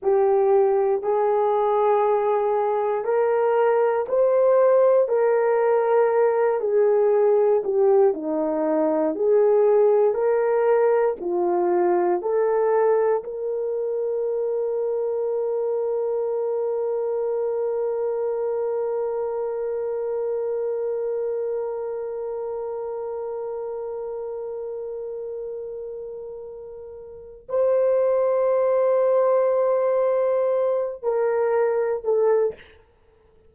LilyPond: \new Staff \with { instrumentName = "horn" } { \time 4/4 \tempo 4 = 59 g'4 gis'2 ais'4 | c''4 ais'4. gis'4 g'8 | dis'4 gis'4 ais'4 f'4 | a'4 ais'2.~ |
ais'1~ | ais'1~ | ais'2. c''4~ | c''2~ c''8 ais'4 a'8 | }